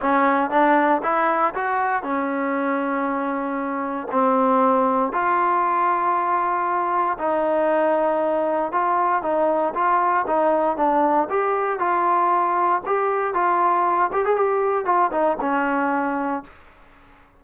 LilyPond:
\new Staff \with { instrumentName = "trombone" } { \time 4/4 \tempo 4 = 117 cis'4 d'4 e'4 fis'4 | cis'1 | c'2 f'2~ | f'2 dis'2~ |
dis'4 f'4 dis'4 f'4 | dis'4 d'4 g'4 f'4~ | f'4 g'4 f'4. g'16 gis'16 | g'4 f'8 dis'8 cis'2 | }